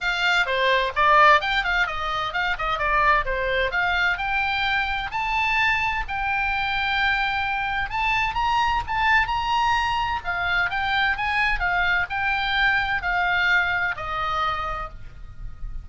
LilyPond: \new Staff \with { instrumentName = "oboe" } { \time 4/4 \tempo 4 = 129 f''4 c''4 d''4 g''8 f''8 | dis''4 f''8 dis''8 d''4 c''4 | f''4 g''2 a''4~ | a''4 g''2.~ |
g''4 a''4 ais''4 a''4 | ais''2 f''4 g''4 | gis''4 f''4 g''2 | f''2 dis''2 | }